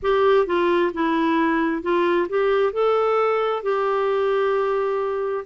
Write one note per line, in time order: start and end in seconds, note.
0.02 0.46 G4
0.46 0.91 F4
0.93 1.82 E4
1.82 2.27 F4
2.29 2.72 G4
2.72 3.62 A4
3.62 5.44 G4